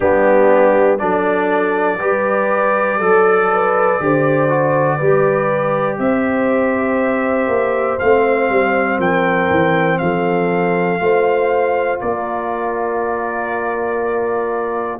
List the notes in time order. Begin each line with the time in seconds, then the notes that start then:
0.00 G3 B3 D4 G4
0.98 F#3 D4 A4 D5
1.99 G3 G4 B4
2.98 F#3 A4
3.51 B4
4.00 D3 G4 C5
4.49 F#4
4.96 G3 G4 B4
5.98 C4 C5 E5
7.47 A#3
7.99 A3 C4 F5
8.49 G3
8.97 F3 A#4 G5
9.50 E3
9.98 F3 A4 F5
10.99 A3 F4 C5
12.00 A#3 A#4 D5